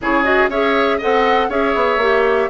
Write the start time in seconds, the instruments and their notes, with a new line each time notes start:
0.01 bassoon C#3, clarinet E4, oboe G#4, flute C#5
0.23 clarinet F#4, flute D#5
0.48 bassoon C#4, clarinet G#4, oboe C#5, flute E5
0.97 bassoon C4, clarinet A4, oboe D#5, flute F#5
1.49 bassoon C#4, clarinet G#4, oboe C#5, flute E5
1.75 bassoon B3
1.97 bassoon A#3, clarinet G4